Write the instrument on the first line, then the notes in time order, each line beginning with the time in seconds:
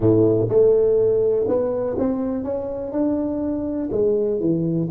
tuba
0.00 A2
0.48 A3
1.48 B3
1.98 C4
2.43 C#4
2.92 D4
3.91 G#3
4.40 E3